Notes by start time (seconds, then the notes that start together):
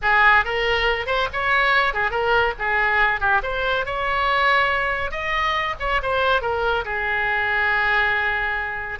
0.02 G#4
0.44 A#4
1.06 C5
1.32 C#5
1.93 G#4
2.10 A#4
2.58 G#4
3.20 G4
3.42 C5
3.85 C#5
5.11 D#5
5.79 C#5
6.02 C5
6.41 A#4
6.84 G#4